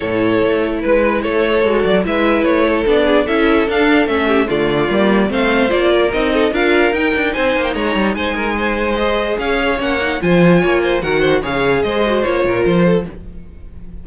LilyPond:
<<
  \new Staff \with { instrumentName = "violin" } { \time 4/4 \tempo 4 = 147 cis''2 b'4 cis''4~ | cis''8 d''8 e''4 cis''4 d''4 | e''4 f''4 e''4 d''4~ | d''4 f''4 d''4 dis''4 |
f''4 g''4 gis''8. g''16 ais''4 | gis''2 dis''4 f''4 | fis''4 gis''2 fis''4 | f''4 dis''4 cis''4 c''4 | }
  \new Staff \with { instrumentName = "violin" } { \time 4/4 a'2 b'4 a'4~ | a'4 b'4. a'4 gis'8 | a'2~ a'8 g'8 f'4~ | f'4 c''4. ais'4 a'8 |
ais'2 c''4 cis''4 | c''8 ais'8 c''2 cis''4~ | cis''4 c''4 cis''8 c''8 ais'8 c''8 | cis''4 c''4. ais'4 a'8 | }
  \new Staff \with { instrumentName = "viola" } { \time 4/4 e'1 | fis'4 e'2 d'4 | e'4 d'4 cis'4 a4 | ais4 c'4 f'4 dis'4 |
f'4 dis'2.~ | dis'2 gis'2 | cis'8 dis'8 f'2 fis'4 | gis'4. fis'8 f'2 | }
  \new Staff \with { instrumentName = "cello" } { \time 4/4 a,4 a4 gis4 a4 | gis8 fis8 gis4 a4 b4 | cis'4 d'4 a4 d4 | g4 a4 ais4 c'4 |
d'4 dis'8 d'8 c'8 ais8 gis8 g8 | gis2. cis'4 | ais4 f4 ais4 dis4 | cis4 gis4 ais8 ais,8 f4 | }
>>